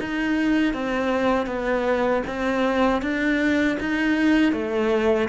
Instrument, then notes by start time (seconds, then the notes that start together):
cello
0.00 D#4
0.74 C4
1.47 B3
2.27 C4
3.02 D4
3.80 D#4
4.53 A3